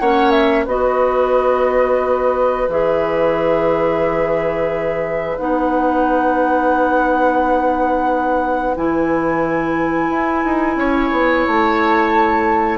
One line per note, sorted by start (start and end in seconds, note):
0.00 0.67 A#3
0.00 0.67 C#4
0.00 0.65 C#5
0.00 0.31 F#5
0.31 0.65 E5
0.65 2.68 B3
0.65 2.70 F#4
0.65 10.76 B4
0.65 2.70 D#5
2.68 5.38 E3
2.68 5.39 G#4
2.68 5.38 E5
5.38 8.76 B3
5.38 8.76 D#4
5.38 8.75 F#5
8.76 10.10 E3
8.76 12.78 E4
8.76 11.47 G#5
10.10 10.44 E4
10.45 10.76 D#4
10.76 11.10 C#4
10.76 12.78 C#5
11.12 11.46 B3
11.47 12.78 A3
11.47 12.78 A5